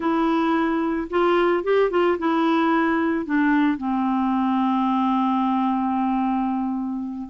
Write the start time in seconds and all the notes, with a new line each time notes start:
0.00 E4
1.10 F4
1.63 G4
1.90 F4
2.18 E4
3.25 D4
3.77 C4